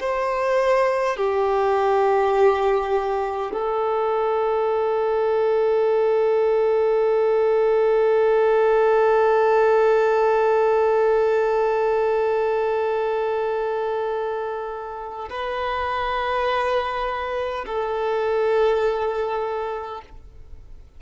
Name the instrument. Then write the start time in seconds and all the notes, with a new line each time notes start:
violin
0.00 C5
1.17 G4
3.52 A4
15.29 B4
17.66 A4